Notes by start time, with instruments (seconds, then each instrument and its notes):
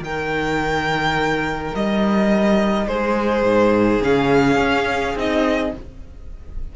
0.00 cello D#3, viola D#4, violin A#4 G5
1.75 cello G3, violin D#5
2.86 cello G#3, violin G#4 C5
3.43 cello G#2
4.02 cello C#3, viola C#4, violin F5
4.57 cello C#4
5.15 cello C4, viola D#4, violin D#5